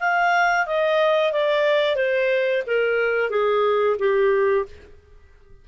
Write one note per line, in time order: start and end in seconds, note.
0.00 0.66 F5
0.66 1.32 D#5
1.32 1.96 D5
1.96 2.63 C5
2.67 3.30 A#4
3.30 3.97 G#4
3.99 4.65 G4